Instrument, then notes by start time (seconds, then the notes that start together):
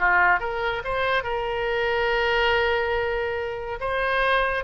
oboe
0.00 F4
0.40 A#4
0.85 C5
1.24 A#4
3.81 C5